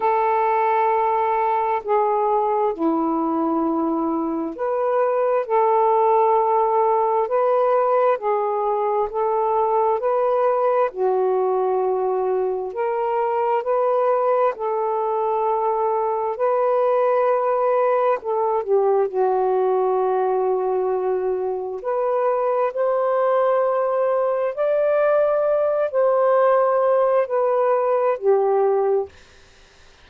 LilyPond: \new Staff \with { instrumentName = "saxophone" } { \time 4/4 \tempo 4 = 66 a'2 gis'4 e'4~ | e'4 b'4 a'2 | b'4 gis'4 a'4 b'4 | fis'2 ais'4 b'4 |
a'2 b'2 | a'8 g'8 fis'2. | b'4 c''2 d''4~ | d''8 c''4. b'4 g'4 | }